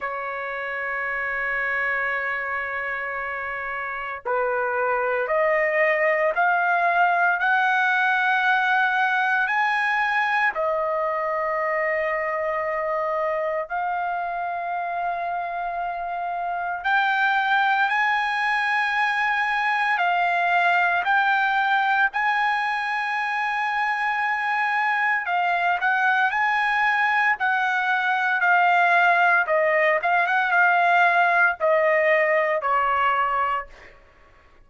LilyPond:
\new Staff \with { instrumentName = "trumpet" } { \time 4/4 \tempo 4 = 57 cis''1 | b'4 dis''4 f''4 fis''4~ | fis''4 gis''4 dis''2~ | dis''4 f''2. |
g''4 gis''2 f''4 | g''4 gis''2. | f''8 fis''8 gis''4 fis''4 f''4 | dis''8 f''16 fis''16 f''4 dis''4 cis''4 | }